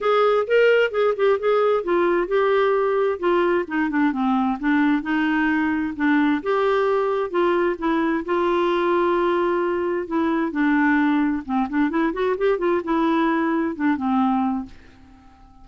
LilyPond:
\new Staff \with { instrumentName = "clarinet" } { \time 4/4 \tempo 4 = 131 gis'4 ais'4 gis'8 g'8 gis'4 | f'4 g'2 f'4 | dis'8 d'8 c'4 d'4 dis'4~ | dis'4 d'4 g'2 |
f'4 e'4 f'2~ | f'2 e'4 d'4~ | d'4 c'8 d'8 e'8 fis'8 g'8 f'8 | e'2 d'8 c'4. | }